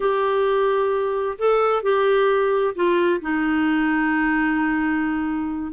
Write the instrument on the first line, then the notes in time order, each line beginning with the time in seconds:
clarinet
0.00 G4
1.38 A4
1.83 G4
2.75 F4
3.21 D#4